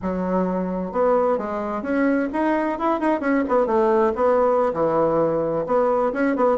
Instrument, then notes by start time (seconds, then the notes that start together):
bassoon
0.02 F#3
0.92 B3
1.38 G#3
1.82 C#4
2.33 D#4
2.78 E4
3.00 D#4
3.20 C#4
3.48 B3
3.66 A3
4.15 B3
4.73 E3
5.66 B3
6.13 C#4
6.36 B3